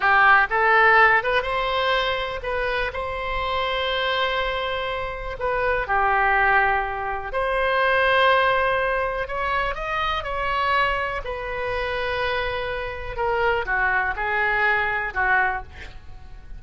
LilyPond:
\new Staff \with { instrumentName = "oboe" } { \time 4/4 \tempo 4 = 123 g'4 a'4. b'8 c''4~ | c''4 b'4 c''2~ | c''2. b'4 | g'2. c''4~ |
c''2. cis''4 | dis''4 cis''2 b'4~ | b'2. ais'4 | fis'4 gis'2 fis'4 | }